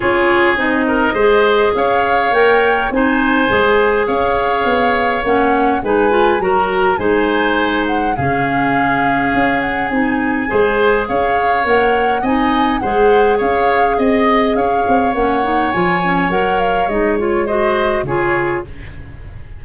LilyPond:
<<
  \new Staff \with { instrumentName = "flute" } { \time 4/4 \tempo 4 = 103 cis''4 dis''2 f''4 | g''4 gis''2 f''4~ | f''4 fis''4 gis''4 ais''4 | gis''4. fis''8 f''2~ |
f''8 fis''8 gis''2 f''4 | fis''4 gis''4 fis''4 f''4 | dis''4 f''4 fis''4 gis''4 | fis''8 f''8 dis''8 cis''8 dis''4 cis''4 | }
  \new Staff \with { instrumentName = "oboe" } { \time 4/4 gis'4. ais'8 c''4 cis''4~ | cis''4 c''2 cis''4~ | cis''2 b'4 ais'4 | c''2 gis'2~ |
gis'2 c''4 cis''4~ | cis''4 dis''4 c''4 cis''4 | dis''4 cis''2.~ | cis''2 c''4 gis'4 | }
  \new Staff \with { instrumentName = "clarinet" } { \time 4/4 f'4 dis'4 gis'2 | ais'4 dis'4 gis'2~ | gis'4 cis'4 dis'8 f'8 fis'4 | dis'2 cis'2~ |
cis'4 dis'4 gis'2 | ais'4 dis'4 gis'2~ | gis'2 cis'8 dis'8 f'8 cis'8 | ais'4 dis'8 f'8 fis'4 f'4 | }
  \new Staff \with { instrumentName = "tuba" } { \time 4/4 cis'4 c'4 gis4 cis'4 | ais4 c'4 gis4 cis'4 | b4 ais4 gis4 fis4 | gis2 cis2 |
cis'4 c'4 gis4 cis'4 | ais4 c'4 gis4 cis'4 | c'4 cis'8 c'8 ais4 f4 | fis4 gis2 cis4 | }
>>